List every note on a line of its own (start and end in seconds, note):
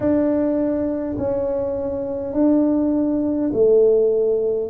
0.00 1.16 D4
1.18 2.33 C#4
2.33 3.50 D4
3.53 4.70 A3